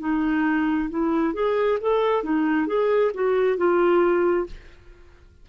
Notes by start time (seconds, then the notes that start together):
0.00 D#4
0.90 E4
1.34 G#4
1.81 A4
2.23 D#4
2.67 G#4
3.14 F#4
3.57 F4